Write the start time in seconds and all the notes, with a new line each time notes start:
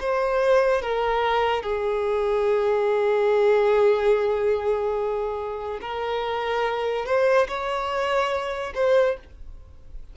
0.00 C5
0.82 A#4
1.63 G#4
5.81 A#4
7.06 C5
7.48 C#5
8.75 C5